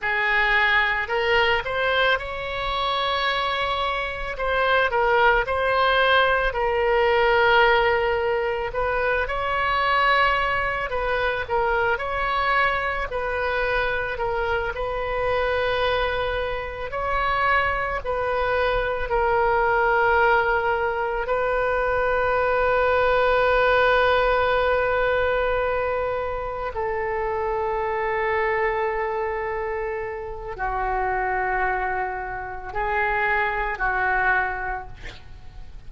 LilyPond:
\new Staff \with { instrumentName = "oboe" } { \time 4/4 \tempo 4 = 55 gis'4 ais'8 c''8 cis''2 | c''8 ais'8 c''4 ais'2 | b'8 cis''4. b'8 ais'8 cis''4 | b'4 ais'8 b'2 cis''8~ |
cis''8 b'4 ais'2 b'8~ | b'1~ | b'8 a'2.~ a'8 | fis'2 gis'4 fis'4 | }